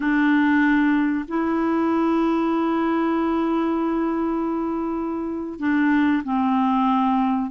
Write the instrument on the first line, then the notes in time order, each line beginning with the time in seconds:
clarinet
0.00 D4
1.28 E4
5.59 D4
6.23 C4